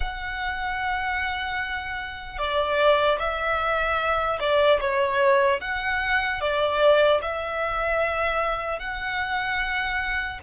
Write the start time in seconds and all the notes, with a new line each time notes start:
0.00 F#5
2.38 D5
3.19 E5
4.40 D5
4.80 C#5
5.60 F#5
6.40 D5
7.22 E5
8.79 F#5